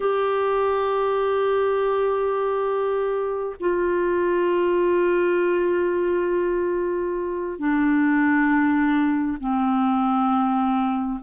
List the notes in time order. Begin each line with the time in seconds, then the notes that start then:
0.00 G4
3.59 F4
7.58 D4
9.39 C4